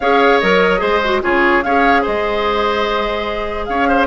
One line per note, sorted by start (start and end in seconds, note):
0.00 0.41 C#4
0.00 0.42 G#4
0.00 0.81 C#5
0.00 0.39 F5
0.39 0.81 F#3
0.39 0.78 A#4
0.39 1.21 D#5
0.78 1.22 G#3
0.78 0.98 G#4
0.78 1.21 C5
1.04 1.21 F#4
1.21 1.64 C#3
1.21 1.62 F4
1.21 1.64 G#4
1.21 1.62 C#5
1.62 2.05 C#4
1.62 4.07 G#4
1.62 2.02 C#5
1.62 2.03 F5
2.02 3.68 G#3
2.02 3.65 C5
2.02 3.65 D#5
3.65 4.07 C#4
3.65 3.88 C#5
3.65 4.06 F5
3.88 4.07 C5